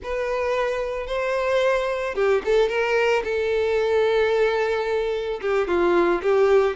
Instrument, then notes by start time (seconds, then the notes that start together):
violin
0.03 B4
1.06 C5
2.14 G4
2.44 A4
2.68 A#4
3.24 A4
5.41 G4
5.67 F4
6.22 G4